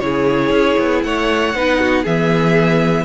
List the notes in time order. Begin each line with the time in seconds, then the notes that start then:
0.00 C#3 E4 G#4 C#5
0.51 C#4
0.80 B3
1.04 A3 C#5 F#5
1.54 B3 D#4 B4
1.80 F#4
2.03 E3 B3 G#4 E5